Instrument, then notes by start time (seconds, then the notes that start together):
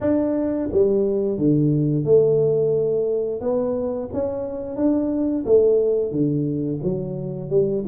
tuba
0.01 D4
0.72 G3
1.38 D3
2.04 A3
3.41 B3
4.13 C#4
4.76 D4
5.45 A3
6.11 D3
6.83 F#3
7.50 G3